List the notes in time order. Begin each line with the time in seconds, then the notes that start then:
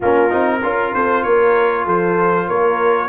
0.00 A#3 C#4 F4 A#4
0.30 C4 D#4
0.62 C#4 F4 A#4
0.94 C4 A4 C5
1.23 A#3 A#4 C#5
1.85 F3 A4 C5
2.47 A#3 A#4 C#5